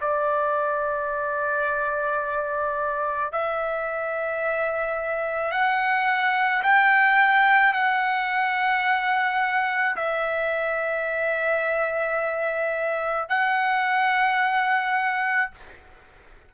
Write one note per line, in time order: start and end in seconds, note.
0.00 3.32 D5
3.32 5.51 E5
5.51 6.62 F#5
6.63 7.73 G5
7.73 9.95 F#5
9.95 13.29 E5
13.29 15.51 F#5